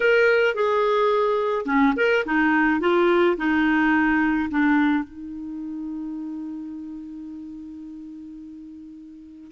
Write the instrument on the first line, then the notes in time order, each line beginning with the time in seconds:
clarinet
0.00 A#4
0.55 G#4
1.65 C#4
1.96 A#4
2.25 D#4
2.80 F4
3.37 D#4
4.50 D4
5.04 D#4